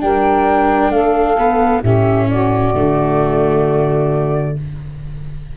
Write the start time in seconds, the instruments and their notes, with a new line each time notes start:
0.00 tuba G3, viola D4, saxophone A#4, flute G5
0.90 tuba A3, saxophone A4, flute F5
1.38 viola B3
1.81 tuba A2, viola C#4, saxophone G4, flute E5
2.29 saxophone F#4, flute D5
2.74 tuba D3, viola A3